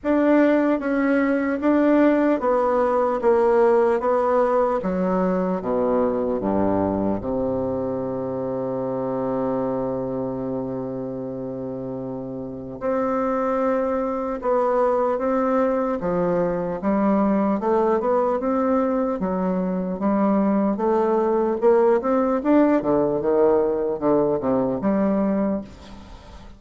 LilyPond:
\new Staff \with { instrumentName = "bassoon" } { \time 4/4 \tempo 4 = 75 d'4 cis'4 d'4 b4 | ais4 b4 fis4 b,4 | g,4 c2.~ | c1 |
c'2 b4 c'4 | f4 g4 a8 b8 c'4 | fis4 g4 a4 ais8 c'8 | d'8 d8 dis4 d8 c8 g4 | }